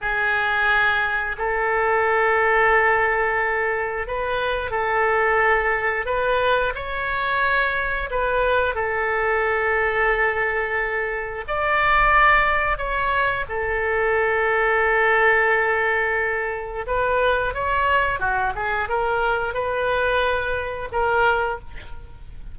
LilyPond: \new Staff \with { instrumentName = "oboe" } { \time 4/4 \tempo 4 = 89 gis'2 a'2~ | a'2 b'4 a'4~ | a'4 b'4 cis''2 | b'4 a'2.~ |
a'4 d''2 cis''4 | a'1~ | a'4 b'4 cis''4 fis'8 gis'8 | ais'4 b'2 ais'4 | }